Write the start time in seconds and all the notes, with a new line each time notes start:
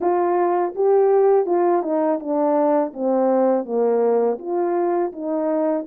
0.00 F4
0.75 G4
1.46 F4
1.82 D#4
2.19 D4
2.93 C4
3.65 A#3
4.38 F4
5.12 D#4